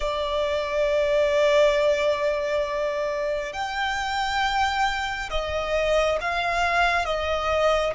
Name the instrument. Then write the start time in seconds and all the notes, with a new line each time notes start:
violin
0.00 D5
3.53 G5
5.30 D#5
6.20 F5
7.05 D#5